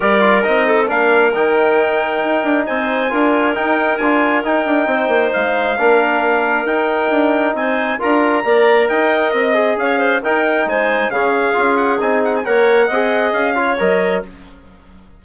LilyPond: <<
  \new Staff \with { instrumentName = "trumpet" } { \time 4/4 \tempo 4 = 135 d''4 dis''4 f''4 g''4~ | g''2 gis''2 | g''4 gis''4 g''2 | f''2. g''4~ |
g''4 gis''4 ais''2 | g''4 dis''4 f''4 g''4 | gis''4 f''4. fis''8 gis''8 fis''16 gis''16 | fis''2 f''4 dis''4 | }
  \new Staff \with { instrumentName = "clarinet" } { \time 4/4 ais'4. a'8 ais'2~ | ais'2 c''4 ais'4~ | ais'2. c''4~ | c''4 ais'2.~ |
ais'4 c''4 ais'4 d''4 | dis''2 cis''8 c''8 ais'4 | c''4 gis'2. | cis''4 dis''4. cis''4. | }
  \new Staff \with { instrumentName = "trombone" } { \time 4/4 g'8 f'8 dis'4 d'4 dis'4~ | dis'2. f'4 | dis'4 f'4 dis'2~ | dis'4 d'2 dis'4~ |
dis'2 f'4 ais'4~ | ais'4. gis'4. dis'4~ | dis'4 cis'4 f'4 dis'4 | ais'4 gis'4. f'8 ais'4 | }
  \new Staff \with { instrumentName = "bassoon" } { \time 4/4 g4 c'4 ais4 dis4~ | dis4 dis'8 d'8 c'4 d'4 | dis'4 d'4 dis'8 d'8 c'8 ais8 | gis4 ais2 dis'4 |
d'4 c'4 d'4 ais4 | dis'4 c'4 cis'4 dis'4 | gis4 cis4 cis'4 c'4 | ais4 c'4 cis'4 fis4 | }
>>